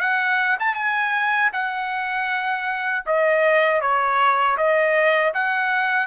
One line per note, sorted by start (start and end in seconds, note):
0.00 0.57 F#5
0.59 0.75 A5
0.75 1.51 G#5
1.53 3.04 F#5
3.06 3.81 D#5
3.81 4.57 C#5
4.57 5.33 D#5
5.34 6.07 F#5